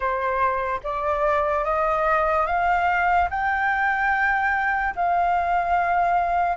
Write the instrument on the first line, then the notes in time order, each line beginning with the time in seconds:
flute
0.00 C5
0.83 D5
1.64 D#5
2.46 F5
3.30 G5
4.95 F5